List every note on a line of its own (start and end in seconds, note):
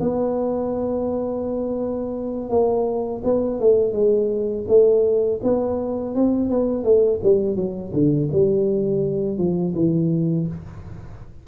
0.00 2.49 B3
2.49 3.22 A#3
3.24 3.60 B3
3.60 3.92 A3
3.92 4.65 G#3
4.68 5.40 A3
5.43 6.15 B3
6.15 6.50 C4
6.50 6.83 B3
6.83 7.20 A3
7.23 7.56 G3
7.56 7.92 F#3
7.93 8.29 D3
8.32 9.38 G3
9.38 9.74 F3
9.75 10.47 E3